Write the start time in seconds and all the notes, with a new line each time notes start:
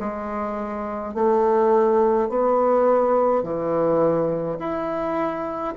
0.00 G#3
1.15 A3
2.29 B3
3.43 E3
4.59 E4